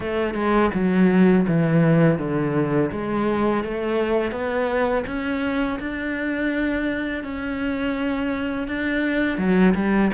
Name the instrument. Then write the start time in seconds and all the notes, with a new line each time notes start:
cello
0.00 A3
0.34 G#3
0.74 F#3
1.47 E3
2.18 D3
2.91 G#3
3.63 A3
4.31 B3
5.06 C#4
5.79 D4
7.23 C#4
8.67 D4
9.37 F#3
9.75 G3